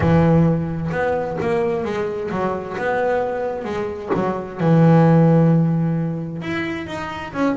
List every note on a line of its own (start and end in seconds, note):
0.00 0.90 E3
0.91 1.37 B3
1.41 1.84 A#3
1.84 2.30 G#3
2.30 2.76 F#3
2.77 3.64 B3
3.64 4.10 G#3
4.14 4.60 F#3
4.60 6.42 E3
6.42 6.86 E4
6.86 7.32 D#4
7.33 7.56 C#4